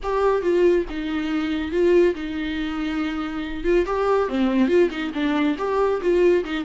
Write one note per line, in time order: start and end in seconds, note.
0.02 0.42 G4
0.42 0.85 F4
0.89 1.71 D#4
1.71 2.14 F4
2.14 3.64 D#4
3.64 3.85 F4
3.86 4.28 G4
4.28 4.68 C4
4.68 4.89 F4
4.90 5.12 D#4
5.14 5.56 D4
5.58 6.00 G4
6.01 6.44 F4
6.44 6.64 D#4